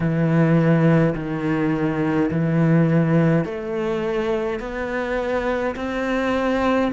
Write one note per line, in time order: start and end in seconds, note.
0.00 1.14 E3
1.14 2.30 D#3
2.30 3.44 E3
3.44 4.59 A3
4.59 5.75 B3
5.75 6.91 C4